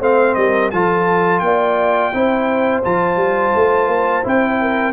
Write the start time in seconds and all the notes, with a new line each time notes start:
0.00 A3 C4 C5 F5
0.35 G3 A#4 D#5
0.71 F3 F4 A4 A5
1.40 A#3 D5 G5
2.13 C4 E4 C5
2.84 F3 F4 A5
3.17 G3
3.55 A3
3.88 A#3
4.23 C4 E4 G5
4.61 A#4